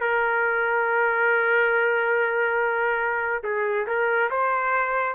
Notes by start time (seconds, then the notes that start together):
0.00 A#4
3.44 G#4
3.87 A#4
4.31 C5